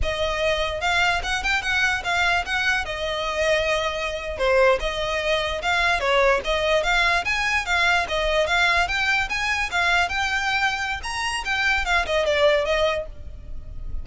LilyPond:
\new Staff \with { instrumentName = "violin" } { \time 4/4 \tempo 4 = 147 dis''2 f''4 fis''8 g''8 | fis''4 f''4 fis''4 dis''4~ | dis''2~ dis''8. c''4 dis''16~ | dis''4.~ dis''16 f''4 cis''4 dis''16~ |
dis''8. f''4 gis''4 f''4 dis''16~ | dis''8. f''4 g''4 gis''4 f''16~ | f''8. g''2~ g''16 ais''4 | g''4 f''8 dis''8 d''4 dis''4 | }